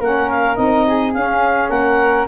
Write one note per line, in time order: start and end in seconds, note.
0.00 0.57 A#3
0.00 0.55 C#4
0.00 0.85 A#4
0.00 0.29 F#5
0.29 0.55 F5
0.55 1.14 C4
0.55 1.12 D#4
0.55 1.12 D#5
0.86 1.70 G#4
1.13 1.69 C#4
1.13 2.27 C#4
1.13 1.69 F5
1.69 2.26 A#3
1.69 2.26 A#4
1.69 2.26 F#5